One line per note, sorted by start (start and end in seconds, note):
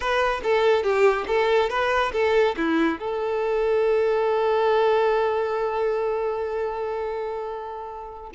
0.00 0.41 B4
0.43 0.83 A4
0.83 1.25 G4
1.27 1.69 A4
1.69 2.12 B4
2.13 2.55 A4
2.56 2.98 E4
2.98 8.30 A4